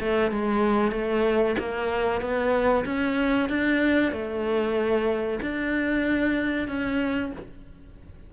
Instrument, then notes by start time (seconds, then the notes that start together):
cello
0.00 A3
0.31 G#3
0.92 A3
1.59 A#3
2.21 B3
2.85 C#4
3.49 D4
4.12 A3
5.42 D4
6.68 C#4